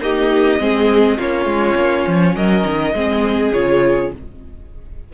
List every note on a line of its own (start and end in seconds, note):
0.00 0.60 A#3
0.00 0.59 D#4
0.00 0.62 G4
0.00 1.20 D#5
0.60 1.19 G#3
0.60 1.18 C4
0.60 1.17 G#4
1.17 1.45 A#3
1.17 2.95 C#4
1.17 2.35 F4
1.17 2.36 C#5
1.45 1.75 G#3
1.76 2.05 A#3
2.07 2.35 F3
2.35 2.65 F#3
2.35 2.95 A#4
2.35 3.53 D#5
2.65 2.94 D#3
2.94 3.53 G#3
2.94 3.54 C4
2.94 4.13 G#4
3.53 4.14 C#3
3.53 4.12 F4
3.53 4.12 C#5